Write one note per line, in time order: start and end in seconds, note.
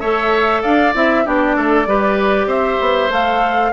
0.00 0.63 A3
0.00 0.94 A4
0.00 0.62 C#5
0.00 0.62 E5
0.62 0.94 D4
0.62 1.24 D5
0.62 0.94 F5
0.94 1.25 C4
0.94 1.24 E4
0.94 1.26 E5
1.24 1.56 B3
1.24 1.86 D4
1.24 1.56 G4
1.24 2.49 D5
1.56 1.86 A3
1.56 1.87 A4
1.86 2.46 G3
1.86 3.10 G4
1.86 2.47 B4
2.46 2.77 C4
2.46 3.71 C5
2.46 3.11 E5
2.80 3.10 B3
3.10 3.71 A3
3.10 3.72 A4
3.10 3.72 F5